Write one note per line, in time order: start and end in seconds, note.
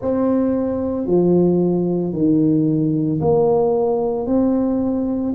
0.01 1.06 C4
1.06 2.12 F3
2.12 3.19 D#3
3.20 4.26 A#3
4.26 5.33 C4